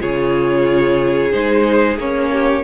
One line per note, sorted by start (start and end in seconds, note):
0.00 1.34 C#3
0.00 1.32 F4
0.00 2.31 G#4
0.00 1.32 C#5
1.32 1.98 G#3
1.32 1.98 D#4
1.32 1.98 C5
1.98 2.63 A#3
1.98 2.64 C#4
1.98 2.64 C#5
2.32 2.64 G4